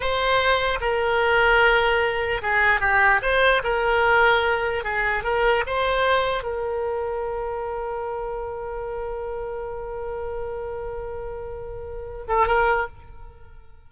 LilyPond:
\new Staff \with { instrumentName = "oboe" } { \time 4/4 \tempo 4 = 149 c''2 ais'2~ | ais'2 gis'4 g'4 | c''4 ais'2. | gis'4 ais'4 c''2 |
ais'1~ | ais'1~ | ais'1~ | ais'2~ ais'8 a'8 ais'4 | }